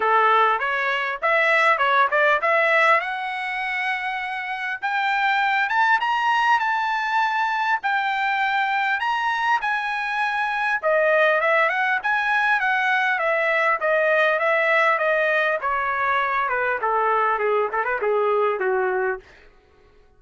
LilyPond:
\new Staff \with { instrumentName = "trumpet" } { \time 4/4 \tempo 4 = 100 a'4 cis''4 e''4 cis''8 d''8 | e''4 fis''2. | g''4. a''8 ais''4 a''4~ | a''4 g''2 ais''4 |
gis''2 dis''4 e''8 fis''8 | gis''4 fis''4 e''4 dis''4 | e''4 dis''4 cis''4. b'8 | a'4 gis'8 a'16 b'16 gis'4 fis'4 | }